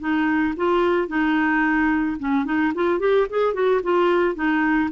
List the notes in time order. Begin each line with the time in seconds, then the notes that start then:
0.00 D#4
0.57 F4
1.08 D#4
2.20 C#4
2.45 D#4
2.75 F4
3.00 G4
3.30 G#4
3.54 F#4
3.83 F4
4.36 D#4